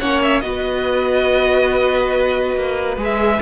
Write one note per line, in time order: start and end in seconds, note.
0.00 0.42 A#3
0.00 0.43 C#4
0.00 0.43 C#5
0.00 0.22 F#5
0.22 0.41 E5
0.41 2.56 B3
0.41 2.98 F#4
0.41 3.42 B4
0.41 2.98 D#5
2.56 2.97 A#3
2.97 3.40 G#3
2.97 3.41 G#4
3.05 3.42 E5